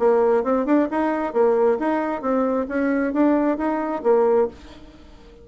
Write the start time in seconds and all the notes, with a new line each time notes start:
0.00 A#3
0.44 C4
0.66 D4
0.91 D#4
1.34 A#3
1.80 D#4
2.22 C4
2.69 C#4
3.13 D4
3.58 D#4
4.04 A#3